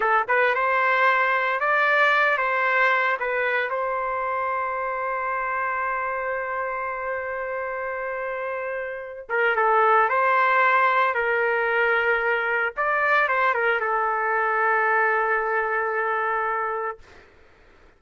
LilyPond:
\new Staff \with { instrumentName = "trumpet" } { \time 4/4 \tempo 4 = 113 a'8 b'8 c''2 d''4~ | d''8 c''4. b'4 c''4~ | c''1~ | c''1~ |
c''4. ais'8 a'4 c''4~ | c''4 ais'2. | d''4 c''8 ais'8 a'2~ | a'1 | }